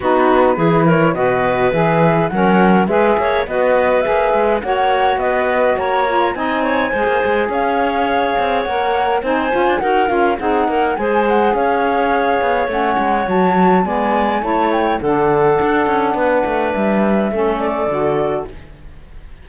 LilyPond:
<<
  \new Staff \with { instrumentName = "flute" } { \time 4/4 \tempo 4 = 104 b'4. cis''8 dis''4 e''4 | fis''4 e''4 dis''4 e''4 | fis''4 dis''4 ais''4 gis''4~ | gis''4 f''2 fis''4 |
gis''4 fis''8 f''8 fis''4 gis''8 fis''8 | f''2 fis''4 a''4 | gis''4 a''8 g''8 fis''2~ | fis''4 e''4. d''4. | }
  \new Staff \with { instrumentName = "clarinet" } { \time 4/4 fis'4 gis'8 ais'8 b'2 | ais'4 b'8 cis''8 b'2 | cis''4 b'4 cis''4 dis''8 cis''8 | c''4 cis''2. |
c''4 ais'4 gis'8 ais'8 c''4 | cis''1 | d''4 cis''4 a'2 | b'2 a'2 | }
  \new Staff \with { instrumentName = "saxophone" } { \time 4/4 dis'4 e'4 fis'4 gis'4 | cis'4 gis'4 fis'4 gis'4 | fis'2~ fis'8 f'8 dis'4 | gis'2. ais'4 |
dis'8 f'8 fis'8 f'8 dis'4 gis'4~ | gis'2 cis'4 fis'4 | b4 e'4 d'2~ | d'2 cis'4 fis'4 | }
  \new Staff \with { instrumentName = "cello" } { \time 4/4 b4 e4 b,4 e4 | fis4 gis8 ais8 b4 ais8 gis8 | ais4 b4 ais4 c'4 | gis16 ais16 gis8 cis'4. c'8 ais4 |
c'8 cis'16 d'16 dis'8 cis'8 c'8 ais8 gis4 | cis'4. b8 a8 gis8 fis4 | gis4 a4 d4 d'8 cis'8 | b8 a8 g4 a4 d4 | }
>>